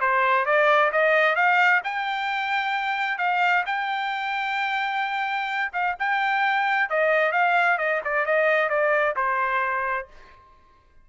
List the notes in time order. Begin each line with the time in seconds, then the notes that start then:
0.00 C5
0.45 D5
0.92 D#5
1.35 F5
1.83 G5
3.18 F5
3.66 G5
5.73 F5
5.99 G5
6.89 D#5
7.32 F5
7.78 D#5
8.04 D5
8.25 D#5
8.69 D5
9.16 C5